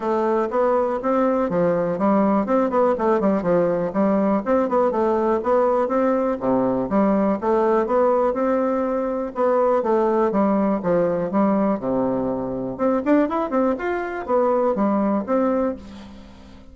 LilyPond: \new Staff \with { instrumentName = "bassoon" } { \time 4/4 \tempo 4 = 122 a4 b4 c'4 f4 | g4 c'8 b8 a8 g8 f4 | g4 c'8 b8 a4 b4 | c'4 c4 g4 a4 |
b4 c'2 b4 | a4 g4 f4 g4 | c2 c'8 d'8 e'8 c'8 | f'4 b4 g4 c'4 | }